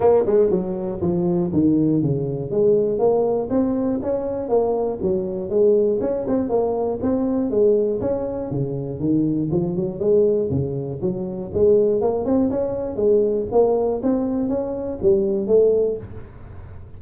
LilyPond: \new Staff \with { instrumentName = "tuba" } { \time 4/4 \tempo 4 = 120 ais8 gis8 fis4 f4 dis4 | cis4 gis4 ais4 c'4 | cis'4 ais4 fis4 gis4 | cis'8 c'8 ais4 c'4 gis4 |
cis'4 cis4 dis4 f8 fis8 | gis4 cis4 fis4 gis4 | ais8 c'8 cis'4 gis4 ais4 | c'4 cis'4 g4 a4 | }